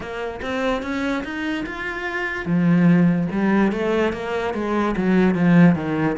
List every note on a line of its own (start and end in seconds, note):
0.00 0.40 A#3
0.42 0.82 C4
0.82 1.23 C#4
1.23 1.64 D#4
1.66 2.45 F4
2.45 3.27 F3
3.31 3.72 G3
3.72 4.12 A3
4.12 4.54 A#3
4.54 4.95 G#3
4.97 5.34 F#3
5.34 5.75 F3
5.75 6.16 D#3